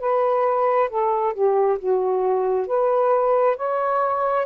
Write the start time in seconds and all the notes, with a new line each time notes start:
0.00 B4
0.89 A4
1.34 G4
1.79 F#4
2.67 B4
3.57 C#5